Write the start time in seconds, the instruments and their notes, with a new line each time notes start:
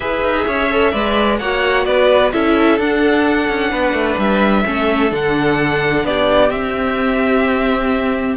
0.00 cello E4, viola G#4, violin B4 E5
0.23 cello D#4
0.47 cello C#4, violin C#5
0.70 viola A4
0.91 cello G#3, viola B4, violin D5
1.38 cello A#3, viola F#4, violin C#5 F#5
1.85 cello B3, violin B4 D5
2.32 cello C#4, viola E4, violin A4 E5
2.78 cello D4, viola D4, violin F#5
3.49 cello C#4
3.70 cello B3, violin B4
3.93 cello A3
4.17 cello G3, violin E5
4.65 cello A3, viola C#4, violin A4
5.09 cello D3, viola D4, violin F#5
6.03 cello B3, violin G4 D5
6.50 cello C4, viola C4, violin E5